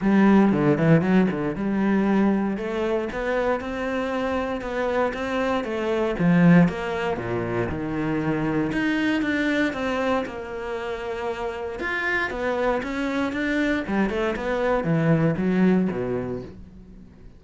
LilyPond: \new Staff \with { instrumentName = "cello" } { \time 4/4 \tempo 4 = 117 g4 d8 e8 fis8 d8 g4~ | g4 a4 b4 c'4~ | c'4 b4 c'4 a4 | f4 ais4 ais,4 dis4~ |
dis4 dis'4 d'4 c'4 | ais2. f'4 | b4 cis'4 d'4 g8 a8 | b4 e4 fis4 b,4 | }